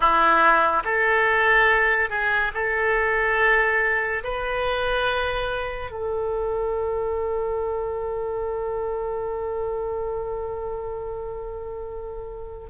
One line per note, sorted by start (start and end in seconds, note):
0.00 0.83 E4
0.84 2.09 A4
2.09 2.52 G#4
2.54 4.23 A4
4.23 5.90 B4
5.90 12.66 A4